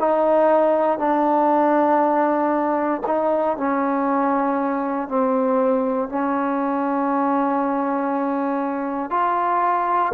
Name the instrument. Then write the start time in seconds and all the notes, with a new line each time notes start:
trombone
0.00 D#4
0.98 D4
3.07 D#4
3.58 C#4
5.08 C4
6.09 C#4
9.11 F4